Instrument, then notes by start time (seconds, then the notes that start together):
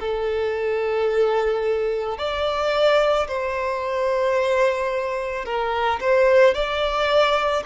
violin
0.00 A4
2.18 D5
3.27 C5
5.45 A#4
6.00 C5
6.54 D5